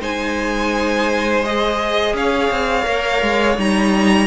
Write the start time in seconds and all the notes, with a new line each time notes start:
0.00 G#3 D#4 C5 G#5
1.43 G#4 D#5
2.14 C#4 C#5 F5
2.50 C4
2.83 A#3 A#4
3.22 G#3
3.57 G3 D#4 A#5